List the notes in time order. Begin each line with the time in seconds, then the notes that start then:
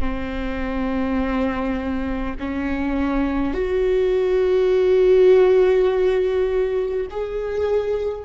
0.00 C4
2.39 C#4
3.53 F#4
7.10 G#4